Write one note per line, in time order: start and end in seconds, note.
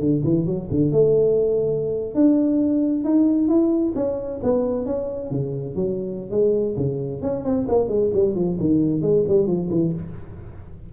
0.00 0.23 D3
0.24 0.46 E3
0.46 0.69 F#3
0.71 0.92 D3
0.92 2.15 A3
2.15 3.05 D4
3.05 3.49 D#4
3.49 3.94 E4
3.96 4.41 C#4
4.43 4.86 B3
4.86 5.31 C#4
5.31 5.76 C#3
5.76 6.31 F#3
6.31 6.76 G#3
6.77 7.22 C#3
7.22 7.45 C#4
7.45 7.68 C4
7.69 7.88 A#3
7.88 8.11 G#3
8.14 8.35 G3
8.35 8.58 F3
8.60 9.02 D#3
9.02 9.25 G#3
9.28 9.47 G3
9.47 9.70 F3
9.71 9.93 E3